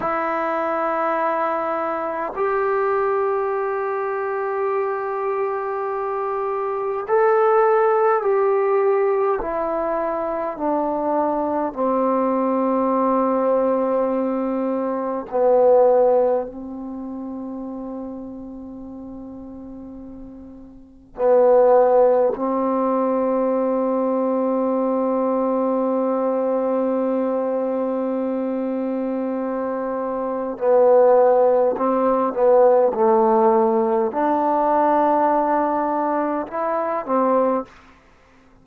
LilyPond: \new Staff \with { instrumentName = "trombone" } { \time 4/4 \tempo 4 = 51 e'2 g'2~ | g'2 a'4 g'4 | e'4 d'4 c'2~ | c'4 b4 c'2~ |
c'2 b4 c'4~ | c'1~ | c'2 b4 c'8 b8 | a4 d'2 e'8 c'8 | }